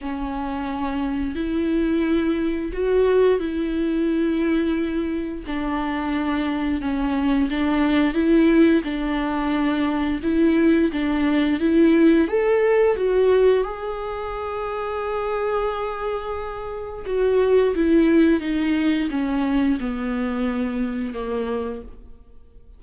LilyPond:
\new Staff \with { instrumentName = "viola" } { \time 4/4 \tempo 4 = 88 cis'2 e'2 | fis'4 e'2. | d'2 cis'4 d'4 | e'4 d'2 e'4 |
d'4 e'4 a'4 fis'4 | gis'1~ | gis'4 fis'4 e'4 dis'4 | cis'4 b2 ais4 | }